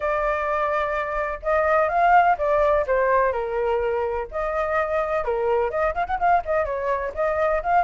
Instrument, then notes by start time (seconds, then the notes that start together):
flute
0.00 D5
1.42 D#5
1.89 F5
2.37 D5
2.86 C5
3.32 A#4
4.31 D#5
5.24 A#4
5.70 D#5
5.94 F5
6.06 F#5
6.19 F5
6.45 D#5
6.65 C#5
7.14 D#5
7.62 F5